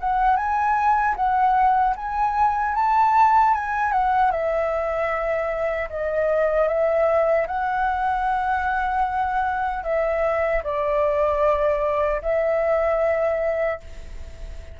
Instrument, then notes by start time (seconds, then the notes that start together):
flute
0.00 F#5
0.36 G#5
1.16 F#5
1.96 G#5
2.75 A5
3.54 G#5
3.92 F#5
4.31 E5
5.89 D#5
6.68 E5
7.47 F#5
9.84 E5
10.64 D5
12.22 E5